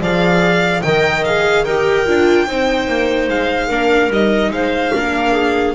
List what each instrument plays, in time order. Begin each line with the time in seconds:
0.00 double bass F3, viola G#4, clarinet D5, violin F5
0.82 double bass D#3, viola A#4, clarinet D#5, violin G5
1.25 viola G#4, violin F5
1.64 double bass D#4, viola G4, clarinet A#4, violin G5
2.06 double bass D4, viola F4
2.47 double bass C4, viola D#4, clarinet C5
2.87 double bass A#3
3.28 double bass G#3, violin F5
3.68 double bass A#3, viola D4, clarinet A#4
4.09 double bass G3, viola D#4, violin D#5
4.50 double bass G#3, clarinet C5, violin F5
4.93 double bass A#3, viola D4, clarinet A#4
5.32 clarinet G#4